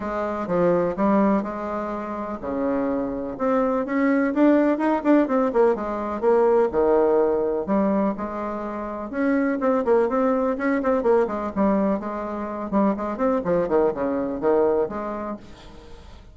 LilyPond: \new Staff \with { instrumentName = "bassoon" } { \time 4/4 \tempo 4 = 125 gis4 f4 g4 gis4~ | gis4 cis2 c'4 | cis'4 d'4 dis'8 d'8 c'8 ais8 | gis4 ais4 dis2 |
g4 gis2 cis'4 | c'8 ais8 c'4 cis'8 c'8 ais8 gis8 | g4 gis4. g8 gis8 c'8 | f8 dis8 cis4 dis4 gis4 | }